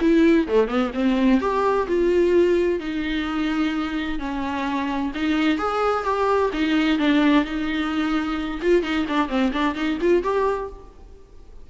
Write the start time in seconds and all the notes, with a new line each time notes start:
0.00 E4
0.47 A3
0.67 B3
0.94 C4
1.40 G4
1.87 F4
2.79 D#4
4.18 C#4
5.14 D#4
5.58 G#4
6.03 G4
6.53 D#4
6.98 D4
7.44 D#4
8.61 F4
8.82 D#4
9.08 D4
9.28 C4
9.52 D4
9.75 D#4
10.00 F4
10.22 G4